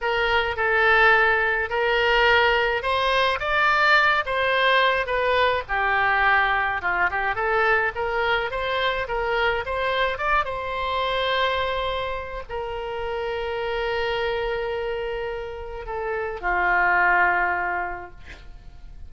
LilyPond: \new Staff \with { instrumentName = "oboe" } { \time 4/4 \tempo 4 = 106 ais'4 a'2 ais'4~ | ais'4 c''4 d''4. c''8~ | c''4 b'4 g'2 | f'8 g'8 a'4 ais'4 c''4 |
ais'4 c''4 d''8 c''4.~ | c''2 ais'2~ | ais'1 | a'4 f'2. | }